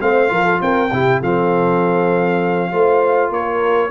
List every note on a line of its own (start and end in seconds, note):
0.00 0.30 A3
0.00 0.28 C4
0.00 0.31 C5
0.00 0.61 F5
0.28 0.60 F3
0.28 0.88 F4
0.28 0.44 A#4
0.44 0.59 A4
0.60 0.91 C4
0.60 0.91 A#4
0.60 1.21 G5
0.91 1.21 C3
0.91 1.23 E4
0.91 1.20 G4
1.20 2.72 F3
1.20 2.71 C4
1.20 2.70 A4
1.20 3.32 F5
2.70 3.29 A3
2.70 3.90 F4
2.70 3.30 C5
3.29 3.89 A#3
3.29 3.90 A#4
3.29 3.90 C#5